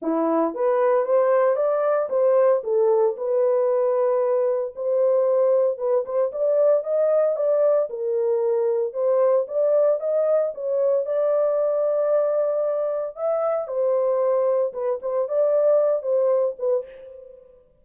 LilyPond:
\new Staff \with { instrumentName = "horn" } { \time 4/4 \tempo 4 = 114 e'4 b'4 c''4 d''4 | c''4 a'4 b'2~ | b'4 c''2 b'8 c''8 | d''4 dis''4 d''4 ais'4~ |
ais'4 c''4 d''4 dis''4 | cis''4 d''2.~ | d''4 e''4 c''2 | b'8 c''8 d''4. c''4 b'8 | }